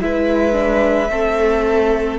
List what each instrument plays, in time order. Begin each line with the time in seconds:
0.00 cello G#3, viola E4, violin B4 E5
0.52 viola D4
1.09 cello A3, viola C4, violin A4